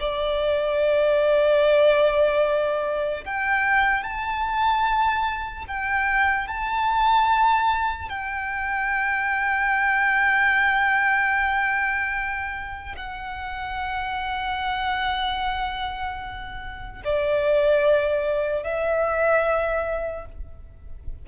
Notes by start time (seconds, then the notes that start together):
0.00 D5
3.25 G5
4.03 A5
5.68 G5
6.48 A5
8.09 G5
12.97 F#5
17.05 D5
18.63 E5